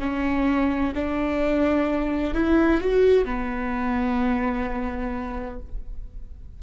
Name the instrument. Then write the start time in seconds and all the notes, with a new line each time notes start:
viola
0.00 C#4
0.95 D4
2.35 E4
2.81 F#4
3.26 B3